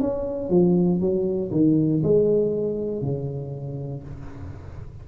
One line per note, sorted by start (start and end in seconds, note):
0.00 0.49 C#4
0.49 1.00 F3
1.00 1.51 F#3
1.51 2.02 D#3
2.02 3.01 G#3
3.01 4.03 C#3